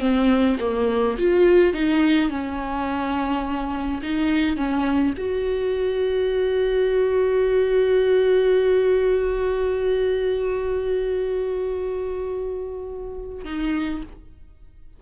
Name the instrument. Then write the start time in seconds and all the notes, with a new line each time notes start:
viola
0.00 C4
0.60 A#3
1.19 F4
1.74 D#4
2.30 C#4
4.03 D#4
4.57 C#4
5.18 F#4
13.45 D#4